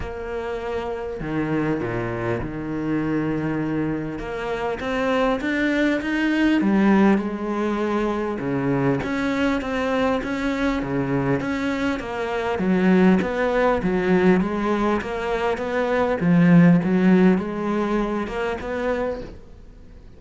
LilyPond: \new Staff \with { instrumentName = "cello" } { \time 4/4 \tempo 4 = 100 ais2 dis4 ais,4 | dis2. ais4 | c'4 d'4 dis'4 g4 | gis2 cis4 cis'4 |
c'4 cis'4 cis4 cis'4 | ais4 fis4 b4 fis4 | gis4 ais4 b4 f4 | fis4 gis4. ais8 b4 | }